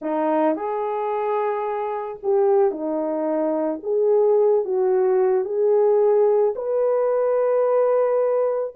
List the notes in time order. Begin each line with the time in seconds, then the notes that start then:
0.01 D#4
0.55 G#4
2.22 G4
2.71 D#4
3.83 G#4
4.64 F#4
5.44 G#4
6.55 B4